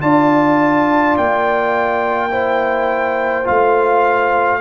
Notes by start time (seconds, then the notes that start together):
0.00 D4 F4 D5 A5
1.18 A#3 G5
2.31 E4 C5
3.44 A3 F4 F5